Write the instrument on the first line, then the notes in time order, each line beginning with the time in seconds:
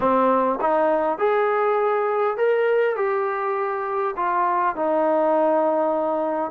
trombone
0.00 C4
0.60 D#4
1.18 G#4
2.37 A#4
2.96 G4
4.16 F4
4.75 D#4